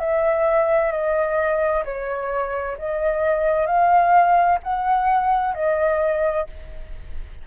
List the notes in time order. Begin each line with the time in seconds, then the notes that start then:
0.00 E5
0.92 D#5
1.85 C#5
2.79 D#5
3.67 F5
4.64 F#5
5.55 D#5